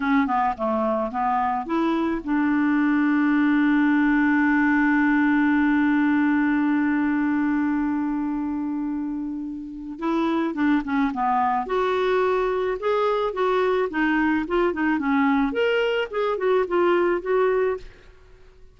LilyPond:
\new Staff \with { instrumentName = "clarinet" } { \time 4/4 \tempo 4 = 108 cis'8 b8 a4 b4 e'4 | d'1~ | d'1~ | d'1~ |
d'2 e'4 d'8 cis'8 | b4 fis'2 gis'4 | fis'4 dis'4 f'8 dis'8 cis'4 | ais'4 gis'8 fis'8 f'4 fis'4 | }